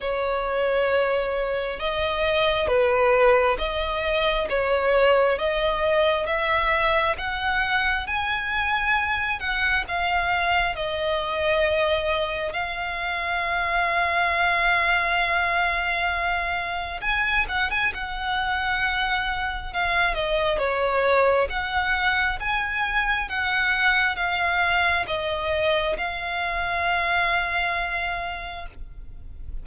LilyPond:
\new Staff \with { instrumentName = "violin" } { \time 4/4 \tempo 4 = 67 cis''2 dis''4 b'4 | dis''4 cis''4 dis''4 e''4 | fis''4 gis''4. fis''8 f''4 | dis''2 f''2~ |
f''2. gis''8 fis''16 gis''16 | fis''2 f''8 dis''8 cis''4 | fis''4 gis''4 fis''4 f''4 | dis''4 f''2. | }